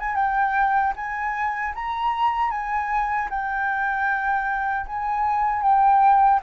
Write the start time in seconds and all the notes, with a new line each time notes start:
0.00 G#5
0.16 G5
0.96 G#5
1.75 A#5
2.51 G#5
3.30 G5
4.87 G#5
5.62 G5